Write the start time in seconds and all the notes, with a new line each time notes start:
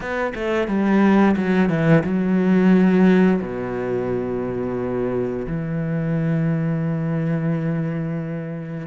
0.00 B3
0.34 A3
0.67 G3
1.36 F#3
1.69 E3
2.04 F#3
3.41 B2
5.47 E3